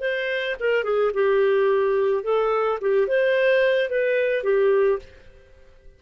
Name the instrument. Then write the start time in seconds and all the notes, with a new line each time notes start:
clarinet
0.00 C5
0.59 A#4
0.83 G#4
1.13 G4
2.23 A4
2.81 G4
3.07 C5
3.89 B4
4.43 G4